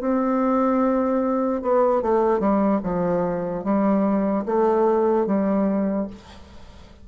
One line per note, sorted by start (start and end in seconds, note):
0.00 1.61 C4
1.61 2.02 B3
2.02 2.40 A3
2.40 2.80 G3
2.83 3.63 F3
3.63 4.44 G3
4.45 5.26 A3
5.26 6.07 G3